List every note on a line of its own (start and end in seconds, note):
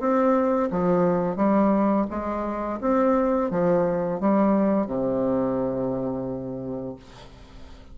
0.00 0.70 C4
0.71 1.37 F3
1.37 2.06 G3
2.11 2.80 G#3
2.81 3.51 C4
3.51 4.21 F3
4.21 4.87 G3
4.87 6.96 C3